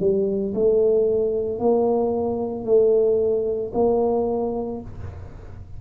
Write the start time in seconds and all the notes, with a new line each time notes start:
0.00 G3
0.55 A3
1.59 A#3
2.65 A3
3.74 A#3